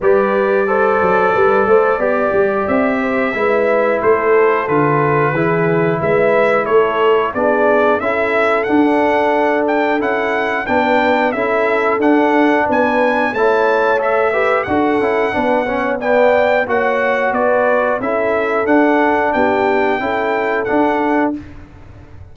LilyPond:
<<
  \new Staff \with { instrumentName = "trumpet" } { \time 4/4 \tempo 4 = 90 d''1 | e''2 c''4 b'4~ | b'4 e''4 cis''4 d''4 | e''4 fis''4. g''8 fis''4 |
g''4 e''4 fis''4 gis''4 | a''4 e''4 fis''2 | g''4 fis''4 d''4 e''4 | fis''4 g''2 fis''4 | }
  \new Staff \with { instrumentName = "horn" } { \time 4/4 b'4 c''4 b'8 c''8 d''4~ | d''8 c''8 b'4 a'2 | gis'4 b'4 a'4 gis'4 | a'1 |
b'4 a'2 b'4 | cis''4. b'8 a'4 b'8 cis''8 | d''4 cis''4 b'4 a'4~ | a'4 g'4 a'2 | }
  \new Staff \with { instrumentName = "trombone" } { \time 4/4 g'4 a'2 g'4~ | g'4 e'2 f'4 | e'2. d'4 | e'4 d'2 e'4 |
d'4 e'4 d'2 | e'4 a'8 g'8 fis'8 e'8 d'8 cis'8 | b4 fis'2 e'4 | d'2 e'4 d'4 | }
  \new Staff \with { instrumentName = "tuba" } { \time 4/4 g4. fis8 g8 a8 b8 g8 | c'4 gis4 a4 d4 | e4 gis4 a4 b4 | cis'4 d'2 cis'4 |
b4 cis'4 d'4 b4 | a2 d'8 cis'8 b4~ | b4 ais4 b4 cis'4 | d'4 b4 cis'4 d'4 | }
>>